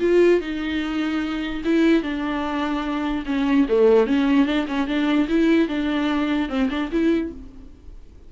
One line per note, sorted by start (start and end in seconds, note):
0.00 0.41 F4
0.41 1.62 D#4
1.65 2.03 E4
2.03 3.24 D4
3.26 3.67 C#4
3.69 4.07 A3
4.07 4.46 C#4
4.46 4.66 D4
4.68 4.88 C#4
4.88 5.28 D4
5.29 5.68 E4
5.68 6.49 D4
6.49 6.69 C4
6.70 6.90 D4
6.92 7.32 E4